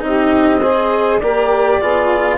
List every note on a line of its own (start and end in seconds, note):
0.00 1.20 C4
0.00 0.59 D#4
0.00 0.61 G4
0.00 1.19 D#5
0.61 1.21 G#4
0.61 1.20 C5
1.19 1.81 A#3
1.19 1.81 G4
1.19 1.79 A#4
1.19 2.37 D5
1.79 2.38 B3
1.79 2.38 F4
1.79 2.37 G#4